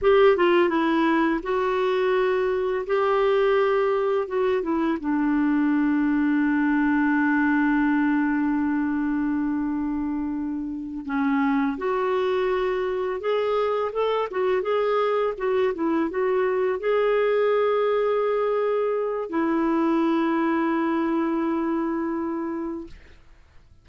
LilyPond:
\new Staff \with { instrumentName = "clarinet" } { \time 4/4 \tempo 4 = 84 g'8 f'8 e'4 fis'2 | g'2 fis'8 e'8 d'4~ | d'1~ | d'2.~ d'8 cis'8~ |
cis'8 fis'2 gis'4 a'8 | fis'8 gis'4 fis'8 e'8 fis'4 gis'8~ | gis'2. e'4~ | e'1 | }